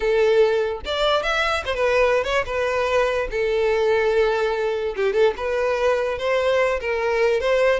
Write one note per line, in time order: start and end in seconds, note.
0.00 0.80 A4
0.85 1.22 D5
1.22 1.63 E5
1.65 1.74 C5
1.74 2.24 B4
2.24 2.44 C#5
2.45 3.27 B4
3.31 4.95 A4
4.96 5.13 G4
5.13 5.33 A4
5.36 6.18 B4
6.18 6.80 C5
6.80 7.40 A#4
7.40 7.79 C5